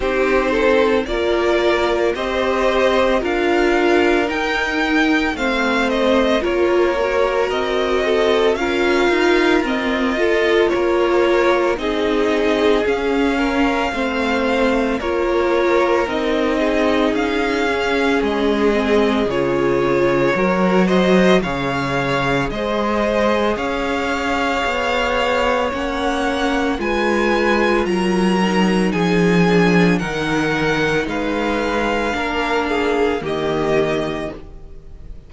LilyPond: <<
  \new Staff \with { instrumentName = "violin" } { \time 4/4 \tempo 4 = 56 c''4 d''4 dis''4 f''4 | g''4 f''8 dis''8 cis''4 dis''4 | f''4 dis''4 cis''4 dis''4 | f''2 cis''4 dis''4 |
f''4 dis''4 cis''4. dis''8 | f''4 dis''4 f''2 | fis''4 gis''4 ais''4 gis''4 | fis''4 f''2 dis''4 | }
  \new Staff \with { instrumentName = "violin" } { \time 4/4 g'8 a'8 ais'4 c''4 ais'4~ | ais'4 c''4 ais'4. a'8 | ais'4. a'8 ais'4 gis'4~ | gis'8 ais'8 c''4 ais'4. gis'8~ |
gis'2. ais'8 c''8 | cis''4 c''4 cis''2~ | cis''4 b'4 ais'4 gis'4 | ais'4 b'4 ais'8 gis'8 g'4 | }
  \new Staff \with { instrumentName = "viola" } { \time 4/4 dis'4 f'4 g'4 f'4 | dis'4 c'4 f'8 fis'4. | f'4 c'8 f'4. dis'4 | cis'4 c'4 f'4 dis'4~ |
dis'8 cis'4 c'8 f'4 fis'4 | gis'1 | cis'4 f'4. dis'4 d'8 | dis'2 d'4 ais4 | }
  \new Staff \with { instrumentName = "cello" } { \time 4/4 c'4 ais4 c'4 d'4 | dis'4 a4 ais4 c'4 | cis'8 dis'8 f'4 ais4 c'4 | cis'4 a4 ais4 c'4 |
cis'4 gis4 cis4 fis4 | cis4 gis4 cis'4 b4 | ais4 gis4 fis4 f4 | dis4 gis4 ais4 dis4 | }
>>